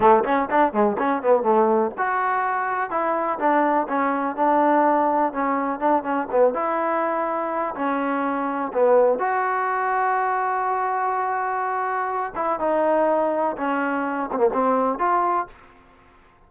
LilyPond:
\new Staff \with { instrumentName = "trombone" } { \time 4/4 \tempo 4 = 124 a8 cis'8 d'8 gis8 cis'8 b8 a4 | fis'2 e'4 d'4 | cis'4 d'2 cis'4 | d'8 cis'8 b8 e'2~ e'8 |
cis'2 b4 fis'4~ | fis'1~ | fis'4. e'8 dis'2 | cis'4. c'16 ais16 c'4 f'4 | }